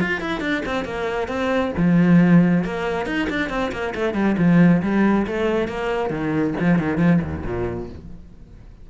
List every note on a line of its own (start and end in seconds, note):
0.00 0.21 F4
0.21 0.41 E4
0.41 0.63 D4
0.66 0.85 C4
0.85 1.28 A#3
1.28 1.72 C4
1.77 2.64 F3
2.64 3.06 A#3
3.06 3.28 D#4
3.30 3.50 D4
3.50 3.72 C4
3.72 3.94 A#3
3.95 4.14 A3
4.14 4.36 G3
4.38 4.82 F3
4.83 5.27 G3
5.27 5.68 A3
5.68 6.10 A#3
6.10 6.54 D#3
6.60 6.79 F3
6.79 6.98 D#3
6.98 7.20 F3
7.23 7.45 D#2
7.46 7.90 A#2